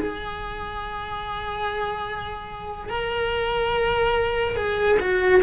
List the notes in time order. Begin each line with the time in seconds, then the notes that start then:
0.00 G#4
2.90 A#4
4.57 G#4
5.00 F#4